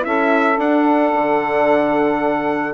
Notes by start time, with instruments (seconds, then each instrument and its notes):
0.00 bassoon C#4, horn E4, trumpet E5
0.06 saxophone A4
0.58 horn D4, bassoon D4, trumpet F#5
1.14 bassoon D3